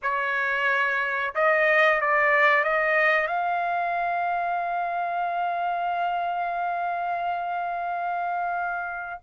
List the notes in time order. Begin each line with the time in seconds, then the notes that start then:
0.02 C#5
1.34 D#5
2.00 D5
2.64 D#5
3.27 F5